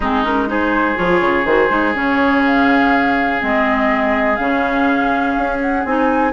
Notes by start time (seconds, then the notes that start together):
0.00 G#3 C4 D#4 G#4
0.23 C#4 A#4
0.47 D#4 G#4 C5
0.95 F3 F4 C#5
1.21 C#3
1.45 D#3 F#4 C5
1.69 G#3 D#4
1.94 C#3 C#4 C#5
2.45 F5
3.40 G#3 C4 D#5
4.35 C#3 C#4 F5
5.37 C#4
5.61 F#5
5.85 C4 D#4 G#5